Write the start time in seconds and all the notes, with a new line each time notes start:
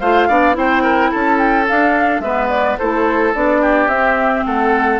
0.00 A3 F4 C5 F5
0.28 B3 D4 D5
0.53 C4 E4 C5 G5
0.83 A#4
1.10 C#4 A4 A5
1.38 G5
1.68 D4 F5
2.19 G#3 B3 B4 E5
2.49 D5
2.78 A3 E4 A4 C5
3.34 B3 D4 D5
3.61 G4
3.87 C4 E5
4.45 A3 A4 F#5